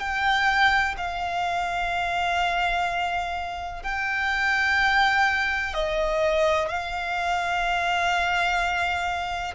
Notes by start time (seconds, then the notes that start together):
0.00 G5
0.97 F5
3.83 G5
5.74 D#5
6.69 F5